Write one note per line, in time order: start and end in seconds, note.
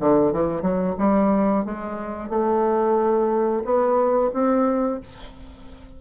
0.00 0.33 D3
0.33 0.62 E3
0.62 0.95 F#3
0.99 1.65 G3
1.65 2.30 G#3
2.30 3.63 A3
3.65 4.32 B3
4.34 5.01 C4